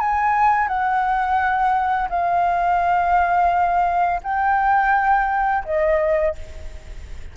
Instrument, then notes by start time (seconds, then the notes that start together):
flute
0.00 G#5
0.68 F#5
2.09 F5
4.23 G5
5.65 D#5